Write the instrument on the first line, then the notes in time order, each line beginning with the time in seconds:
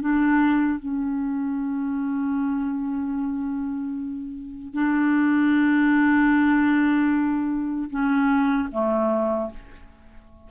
clarinet
0.00 D4
0.79 C#4
4.73 D4
7.89 C#4
8.71 A3